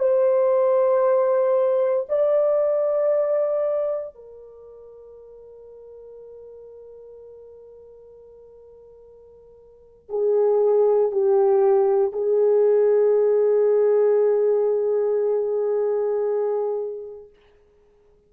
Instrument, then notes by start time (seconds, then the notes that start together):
horn
0.00 C5
2.09 D5
4.15 A#4
10.10 G#4
11.12 G4
12.13 G#4